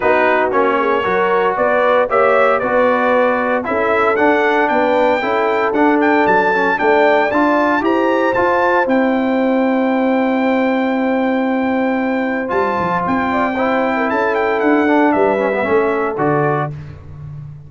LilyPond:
<<
  \new Staff \with { instrumentName = "trumpet" } { \time 4/4 \tempo 4 = 115 b'4 cis''2 d''4 | e''4 d''2 e''4 | fis''4 g''2 fis''8 g''8 | a''4 g''4 a''4 ais''4 |
a''4 g''2.~ | g''1 | a''4 g''2 a''8 g''8 | fis''4 e''2 d''4 | }
  \new Staff \with { instrumentName = "horn" } { \time 4/4 fis'4. gis'8 ais'4 b'4 | cis''4 b'2 a'4~ | a'4 b'4 a'2~ | a'4 d''2 c''4~ |
c''1~ | c''1~ | c''4. d''8 c''8. ais'16 a'4~ | a'4 b'4 a'2 | }
  \new Staff \with { instrumentName = "trombone" } { \time 4/4 dis'4 cis'4 fis'2 | g'4 fis'2 e'4 | d'2 e'4 d'4~ | d'8 cis'8 d'4 f'4 g'4 |
f'4 e'2.~ | e'1 | f'2 e'2~ | e'8 d'4 cis'16 b16 cis'4 fis'4 | }
  \new Staff \with { instrumentName = "tuba" } { \time 4/4 b4 ais4 fis4 b4 | ais4 b2 cis'4 | d'4 b4 cis'4 d'4 | fis4 a4 d'4 e'4 |
f'4 c'2.~ | c'1 | g8 f8 c'2 cis'4 | d'4 g4 a4 d4 | }
>>